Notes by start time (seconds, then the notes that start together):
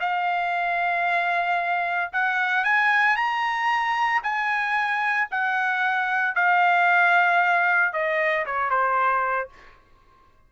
0.00 F5
2.12 F#5
2.64 G#5
3.16 A#5
4.23 G#5
5.31 F#5
6.35 F5
7.93 D#5
8.46 C#5
8.70 C5